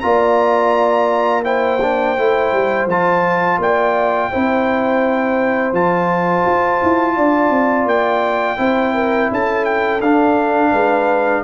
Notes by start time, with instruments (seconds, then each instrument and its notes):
0.00 tuba A#3, trombone F4, horn D5, trumpet A#5
1.43 trombone E4, horn C5, trumpet G5
1.81 trombone D4
2.17 tuba A3, trombone E4
2.52 tuba G3
2.86 tuba F3, trombone F4, trumpet A5
3.58 tuba A#3, horn D5, trumpet G5
4.31 tuba C4, trombone E4, horn C5
5.72 tuba F3, trombone F4, trumpet A5
6.45 tuba F4
6.83 tuba E4
7.16 tuba D4, horn D5
7.50 tuba C4
7.85 tuba A#3, trumpet G5
8.57 tuba C4, trombone E4, horn C5
8.94 horn A#4
9.31 tuba C#4, horn A4, trumpet A5
9.65 trumpet G5
10.00 tuba D4, trombone D4, trumpet F5
10.71 tuba G#3, horn B4